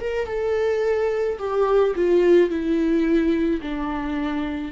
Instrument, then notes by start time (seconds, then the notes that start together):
viola
0.00 A#4
0.27 A4
1.38 G4
1.95 F4
2.49 E4
3.61 D4